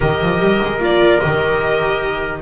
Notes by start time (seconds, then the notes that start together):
0.00 D#3 G4 A#4 D#5
0.21 F3
0.39 G3
0.62 G#3
0.78 A#3 F4
0.84 D5
1.20 D#3 G4 D#5